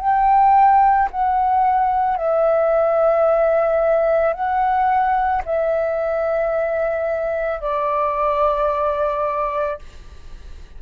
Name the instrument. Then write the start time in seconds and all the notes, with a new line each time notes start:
flute
0.00 G5
1.11 F#5
2.17 E5
4.33 F#5
5.45 E5
7.61 D5